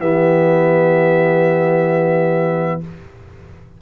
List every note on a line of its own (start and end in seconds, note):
0.00 2.82 E3
0.00 2.81 B3
0.00 2.82 G4
0.00 2.82 E5